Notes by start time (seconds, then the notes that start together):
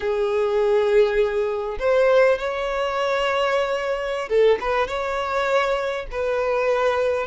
0.00 G#4
1.79 C5
2.38 C#5
4.28 A4
4.60 B4
4.87 C#5
6.11 B4